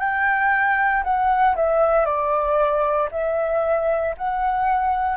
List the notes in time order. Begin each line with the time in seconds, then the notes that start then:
0.00 G5
1.04 F#5
1.56 E5
2.06 D5
3.12 E5
4.18 F#5